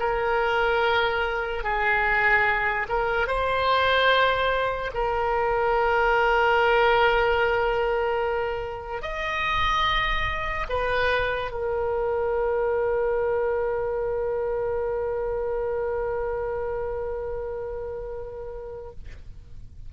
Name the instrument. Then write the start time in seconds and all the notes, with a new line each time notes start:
oboe
0.00 A#4
1.64 G#4
2.89 A#4
3.27 C5
4.94 A#4
9.02 D#5
10.69 B4
11.51 A#4